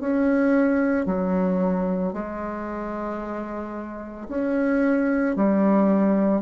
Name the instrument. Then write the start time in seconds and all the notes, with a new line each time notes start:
bassoon
0.00 C#4
1.06 F#3
2.13 G#3
4.29 C#4
5.36 G3